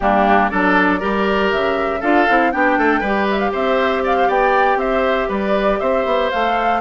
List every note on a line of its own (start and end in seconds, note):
0.00 0.51 G3
0.00 0.51 A#3
0.00 0.50 D4
0.00 0.49 G4
0.49 1.02 F#3
0.49 0.99 D4
0.49 0.99 A4
0.49 1.50 D5
0.99 1.52 G3
0.99 2.00 G4
0.99 2.00 A#4
1.51 2.02 C#3
1.51 2.01 E5
2.00 2.27 D4
2.00 2.28 F4
2.00 2.50 A4
2.00 2.51 F5
2.28 2.54 C4
2.28 2.52 E4
2.51 2.77 B3
2.51 3.02 D4
2.51 2.78 G4
2.51 3.27 G5
2.77 3.01 A3
2.77 3.00 A4
3.00 3.51 G3
3.00 6.32 G4
3.00 3.50 B4
3.30 3.39 E5
3.39 3.51 F5
3.52 4.28 C4
3.52 4.02 C5
3.52 4.04 E5
4.03 4.16 D5
4.03 4.30 F5
4.16 4.27 C5
4.27 4.76 B3
4.27 4.78 D5
4.27 4.79 G5
4.76 5.26 C4
4.76 5.28 C5
4.76 5.30 E5
5.28 5.79 G3
5.28 5.78 B4
5.28 5.79 D5
5.79 6.05 C4
5.79 6.80 C5
5.79 6.30 E5
6.05 6.30 B3
6.30 6.80 A3
6.30 6.80 A4
6.30 6.80 F5